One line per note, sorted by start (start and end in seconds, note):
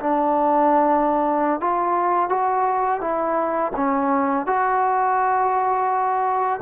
0.00 1.60 D4
1.60 2.29 F4
2.29 3.01 F#4
3.01 3.72 E4
3.76 4.46 C#4
4.46 6.60 F#4